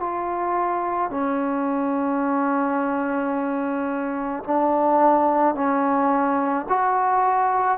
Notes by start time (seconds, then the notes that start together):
0.00 F4
1.11 C#4
4.44 D4
5.56 C#4
6.69 F#4